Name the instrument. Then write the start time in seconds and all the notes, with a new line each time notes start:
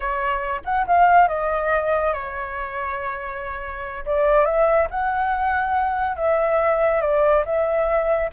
flute
0.00 C#5
0.64 F#5
0.86 F5
1.28 D#5
2.13 C#5
4.05 D5
4.45 E5
4.90 F#5
6.16 E5
7.01 D5
7.45 E5